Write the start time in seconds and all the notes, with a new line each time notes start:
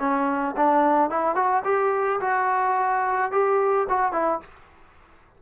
0.00 C#4
0.57 D4
1.10 E4
1.36 F#4
1.65 G4
2.21 F#4
3.32 G4
3.90 F#4
4.13 E4